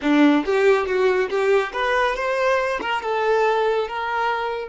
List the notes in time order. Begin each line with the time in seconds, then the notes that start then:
0.02 D4
0.45 G4
0.86 F#4
1.29 G4
1.72 B4
2.15 C5
2.81 A#4
3.02 A4
3.88 A#4